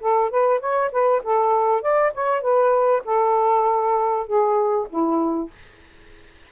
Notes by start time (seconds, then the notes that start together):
0.00 A4
0.30 B4
0.60 C#5
0.92 B4
1.23 A4
1.81 D5
2.14 C#5
2.41 B4
3.04 A4
4.27 G#4
4.89 E4